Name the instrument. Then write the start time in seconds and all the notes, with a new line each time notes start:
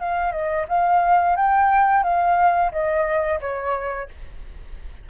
flute
0.00 F5
0.32 D#5
0.68 F5
1.36 G5
2.04 F5
2.72 D#5
3.41 C#5